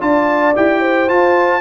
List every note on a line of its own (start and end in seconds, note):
0.00 0.55 D4
0.00 0.54 F4
0.00 0.79 D5
0.00 0.55 A5
0.55 1.10 E4
0.55 1.08 G4
0.55 1.09 G5
0.79 1.60 C5
1.08 1.60 F4
1.08 1.60 A5